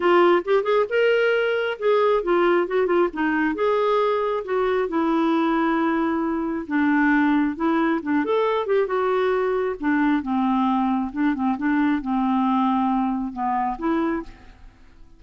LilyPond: \new Staff \with { instrumentName = "clarinet" } { \time 4/4 \tempo 4 = 135 f'4 g'8 gis'8 ais'2 | gis'4 f'4 fis'8 f'8 dis'4 | gis'2 fis'4 e'4~ | e'2. d'4~ |
d'4 e'4 d'8 a'4 g'8 | fis'2 d'4 c'4~ | c'4 d'8 c'8 d'4 c'4~ | c'2 b4 e'4 | }